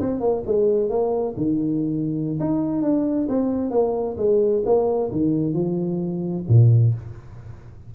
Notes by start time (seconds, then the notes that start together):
0.00 C4
0.20 A#3
0.47 G#3
0.90 A#3
1.37 D#3
2.40 D#4
2.82 D4
3.29 C4
3.71 A#3
4.18 G#3
4.65 A#3
5.12 D#3
5.54 F3
6.49 A#2